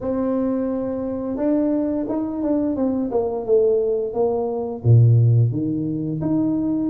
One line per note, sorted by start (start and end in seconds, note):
0.00 1.36 C4
1.36 2.05 D4
2.08 2.42 D#4
2.43 2.76 D4
2.76 3.10 C4
3.11 3.45 A#3
3.45 4.13 A3
4.13 4.82 A#3
4.84 5.51 A#2
5.51 6.20 D#3
6.21 6.90 D#4